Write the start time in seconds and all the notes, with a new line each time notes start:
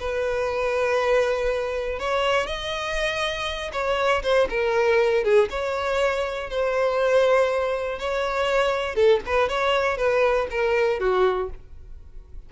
0.00 B4
2.00 C#5
2.47 D#5
3.73 C#5
4.23 C5
4.50 A#4
5.24 G#4
5.50 C#5
6.50 C5
7.99 C#5
8.96 A4
9.27 B4
9.49 C#5
9.97 B4
10.51 A#4
11.00 F#4